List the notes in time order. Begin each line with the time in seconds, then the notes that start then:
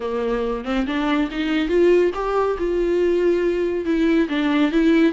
0.00 A#3
0.64 C4
0.86 D4
1.31 D#4
1.68 F4
2.14 G4
2.58 F4
3.85 E4
4.28 D4
4.71 E4